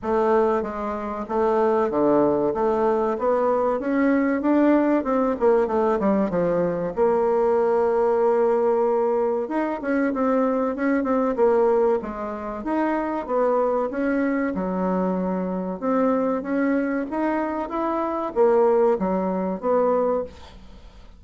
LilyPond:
\new Staff \with { instrumentName = "bassoon" } { \time 4/4 \tempo 4 = 95 a4 gis4 a4 d4 | a4 b4 cis'4 d'4 | c'8 ais8 a8 g8 f4 ais4~ | ais2. dis'8 cis'8 |
c'4 cis'8 c'8 ais4 gis4 | dis'4 b4 cis'4 fis4~ | fis4 c'4 cis'4 dis'4 | e'4 ais4 fis4 b4 | }